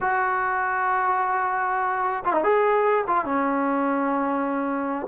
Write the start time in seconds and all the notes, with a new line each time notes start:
0.00 F#4
2.24 F4
2.33 D#4
2.43 G#4
3.07 F4
3.25 C#4